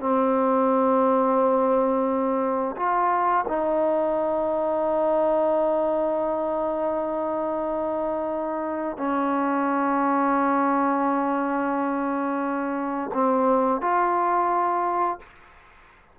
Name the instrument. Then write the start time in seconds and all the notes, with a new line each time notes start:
trombone
0.00 C4
2.77 F4
3.49 D#4
8.97 C#4
13.14 C4
13.82 F4